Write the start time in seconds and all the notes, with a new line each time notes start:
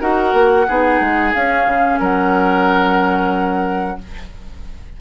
0.00 D#4 F#4 A#4 F#5
0.34 A#3
0.68 B3 D#4 G#4
1.00 G#3
1.34 C#4 F5
1.66 C#3
1.99 F#3 A#4 F#5